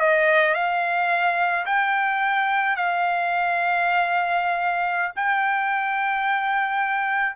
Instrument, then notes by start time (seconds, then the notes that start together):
trumpet
0.00 D#5
0.55 F5
1.66 G5
2.77 F5
5.16 G5